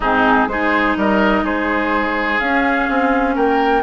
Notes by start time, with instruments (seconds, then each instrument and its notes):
0.00 bassoon G#2, clarinet C4, oboe D#4, flute G#4
0.47 bassoon G#3, clarinet D#4, oboe G#4, flute C5
0.96 bassoon G3, oboe A#4, flute D#5
1.42 bassoon G#3, oboe G#4, flute C5
2.39 bassoon C#4, clarinet C#4, flute F5
2.89 bassoon C4
3.35 bassoon A#3, oboe A#4, flute G5